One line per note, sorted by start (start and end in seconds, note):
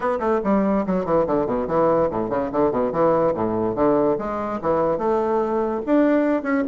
0.00 0.19 B3
0.19 0.40 A3
0.44 0.85 G3
0.86 1.05 F#3
1.05 1.26 E3
1.26 1.46 D3
1.46 1.67 B2
1.67 2.09 E3
2.10 2.29 A2
2.29 2.50 C#3
2.52 2.71 D3
2.71 2.92 B2
2.92 3.34 E3
3.34 3.75 A2
3.75 4.16 D3
4.18 4.60 G#3
4.61 4.98 E3
4.98 5.81 A3
5.85 6.43 D4
6.43 6.63 C#4